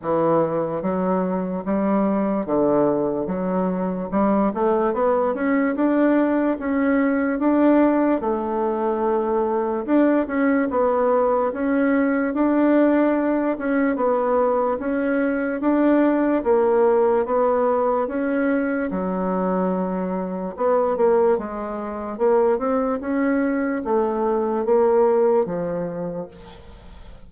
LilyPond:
\new Staff \with { instrumentName = "bassoon" } { \time 4/4 \tempo 4 = 73 e4 fis4 g4 d4 | fis4 g8 a8 b8 cis'8 d'4 | cis'4 d'4 a2 | d'8 cis'8 b4 cis'4 d'4~ |
d'8 cis'8 b4 cis'4 d'4 | ais4 b4 cis'4 fis4~ | fis4 b8 ais8 gis4 ais8 c'8 | cis'4 a4 ais4 f4 | }